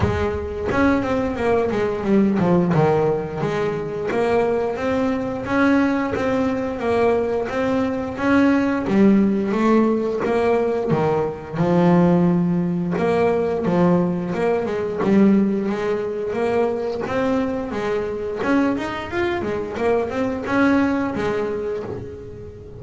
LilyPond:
\new Staff \with { instrumentName = "double bass" } { \time 4/4 \tempo 4 = 88 gis4 cis'8 c'8 ais8 gis8 g8 f8 | dis4 gis4 ais4 c'4 | cis'4 c'4 ais4 c'4 | cis'4 g4 a4 ais4 |
dis4 f2 ais4 | f4 ais8 gis8 g4 gis4 | ais4 c'4 gis4 cis'8 dis'8 | f'8 gis8 ais8 c'8 cis'4 gis4 | }